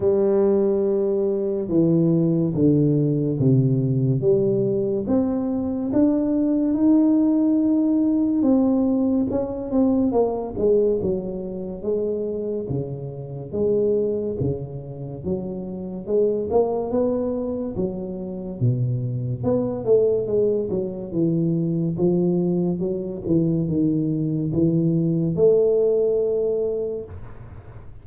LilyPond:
\new Staff \with { instrumentName = "tuba" } { \time 4/4 \tempo 4 = 71 g2 e4 d4 | c4 g4 c'4 d'4 | dis'2 c'4 cis'8 c'8 | ais8 gis8 fis4 gis4 cis4 |
gis4 cis4 fis4 gis8 ais8 | b4 fis4 b,4 b8 a8 | gis8 fis8 e4 f4 fis8 e8 | dis4 e4 a2 | }